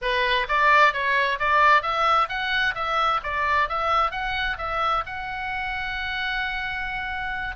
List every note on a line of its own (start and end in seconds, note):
0.01 0.47 B4
0.48 0.93 D5
0.93 1.38 C#5
1.39 1.82 D5
1.82 2.28 E5
2.28 2.74 F#5
2.74 3.20 E5
3.23 3.68 D5
3.68 4.11 E5
4.11 4.57 F#5
4.58 5.03 E5
5.05 7.56 F#5